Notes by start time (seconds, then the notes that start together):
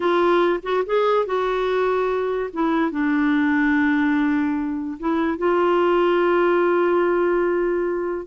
0.00 F4
0.62 F#4
0.86 G#4
1.25 F#4
2.53 E4
2.91 D4
4.99 E4
5.38 F4